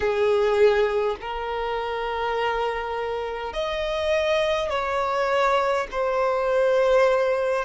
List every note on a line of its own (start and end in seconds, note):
0.00 1.16 G#4
1.20 3.53 A#4
3.53 4.69 D#5
4.69 5.87 C#5
5.91 7.65 C5